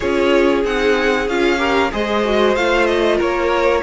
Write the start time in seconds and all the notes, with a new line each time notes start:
0.00 C#4 F4 G#4 C#5
0.64 C4 D#4 F#5
1.28 C#4 F4 F5
1.57 G4 A#4
1.91 G#3 G#4 C5 D#5
2.24 F#4
2.55 A3 F4 F5
2.86 D#5
3.16 A#3 A#4 C#5